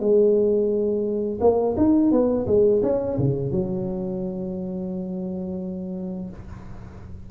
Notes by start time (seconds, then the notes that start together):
0.00 G#3
1.41 A#3
1.77 D#4
2.12 B3
2.47 G#3
2.83 C#4
3.18 C#3
3.51 F#3